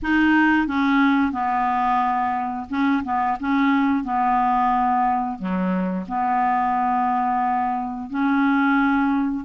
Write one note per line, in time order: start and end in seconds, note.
0.02 0.67 D#4
0.67 1.31 C#4
1.31 2.66 B3
2.69 3.03 C#4
3.04 3.37 B3
3.40 4.04 C#4
4.04 5.38 B3
5.38 6.06 F#3
6.07 8.10 B3
8.10 9.44 C#4